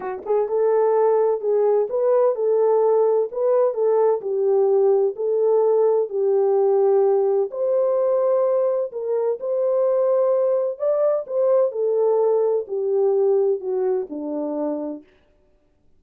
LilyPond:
\new Staff \with { instrumentName = "horn" } { \time 4/4 \tempo 4 = 128 fis'8 gis'8 a'2 gis'4 | b'4 a'2 b'4 | a'4 g'2 a'4~ | a'4 g'2. |
c''2. ais'4 | c''2. d''4 | c''4 a'2 g'4~ | g'4 fis'4 d'2 | }